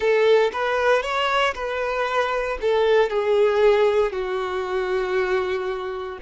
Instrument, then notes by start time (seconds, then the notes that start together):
violin
0.00 A4
0.53 B4
1.02 C#5
1.54 B4
2.61 A4
3.09 G#4
4.11 F#4